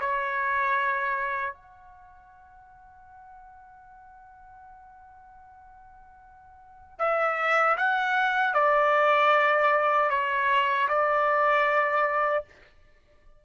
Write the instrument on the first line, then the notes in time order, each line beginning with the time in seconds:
trumpet
0.00 C#5
1.53 F#5
6.98 E5
7.77 F#5
8.54 D5
10.10 C#5
10.88 D5